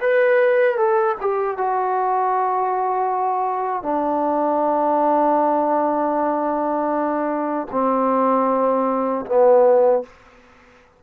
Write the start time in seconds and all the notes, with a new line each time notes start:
0.00 B4
0.77 A4
1.20 G4
1.57 F#4
3.83 D4
7.71 C4
9.26 B3